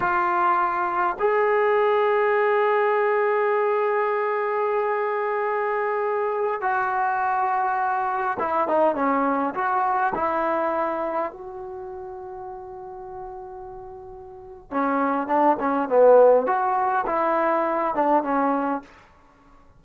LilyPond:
\new Staff \with { instrumentName = "trombone" } { \time 4/4 \tempo 4 = 102 f'2 gis'2~ | gis'1~ | gis'2.~ gis'16 fis'8.~ | fis'2~ fis'16 e'8 dis'8 cis'8.~ |
cis'16 fis'4 e'2 fis'8.~ | fis'1~ | fis'4 cis'4 d'8 cis'8 b4 | fis'4 e'4. d'8 cis'4 | }